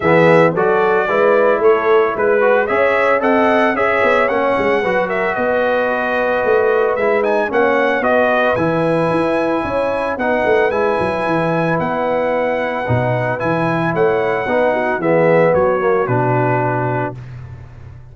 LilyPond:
<<
  \new Staff \with { instrumentName = "trumpet" } { \time 4/4 \tempo 4 = 112 e''4 d''2 cis''4 | b'4 e''4 fis''4 e''4 | fis''4. e''8 dis''2~ | dis''4 e''8 gis''8 fis''4 dis''4 |
gis''2. fis''4 | gis''2 fis''2~ | fis''4 gis''4 fis''2 | e''4 cis''4 b'2 | }
  \new Staff \with { instrumentName = "horn" } { \time 4/4 gis'4 a'4 b'4 a'4 | b'4 cis''4 dis''4 cis''4~ | cis''4 b'8 ais'8 b'2~ | b'2 cis''4 b'4~ |
b'2 cis''4 b'4~ | b'1~ | b'2 cis''4 b'8 fis'8 | gis'4 fis'2. | }
  \new Staff \with { instrumentName = "trombone" } { \time 4/4 b4 fis'4 e'2~ | e'8 fis'8 gis'4 a'4 gis'4 | cis'4 fis'2.~ | fis'4 e'8 dis'8 cis'4 fis'4 |
e'2. dis'4 | e'1 | dis'4 e'2 dis'4 | b4. ais8 d'2 | }
  \new Staff \with { instrumentName = "tuba" } { \time 4/4 e4 fis4 gis4 a4 | gis4 cis'4 c'4 cis'8 b8 | ais8 gis8 fis4 b2 | a4 gis4 ais4 b4 |
e4 e'4 cis'4 b8 a8 | gis8 fis8 e4 b2 | b,4 e4 a4 b4 | e4 fis4 b,2 | }
>>